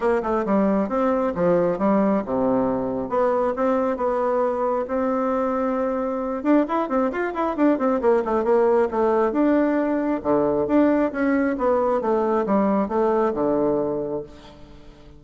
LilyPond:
\new Staff \with { instrumentName = "bassoon" } { \time 4/4 \tempo 4 = 135 ais8 a8 g4 c'4 f4 | g4 c2 b4 | c'4 b2 c'4~ | c'2~ c'8 d'8 e'8 c'8 |
f'8 e'8 d'8 c'8 ais8 a8 ais4 | a4 d'2 d4 | d'4 cis'4 b4 a4 | g4 a4 d2 | }